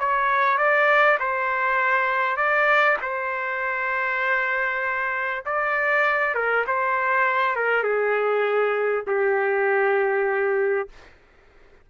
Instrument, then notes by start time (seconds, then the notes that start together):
trumpet
0.00 C#5
0.58 D5
1.20 C5
2.37 D5
3.02 C5
5.46 D5
6.35 A#4
6.67 C5
7.56 A#4
7.84 G#4
9.07 G4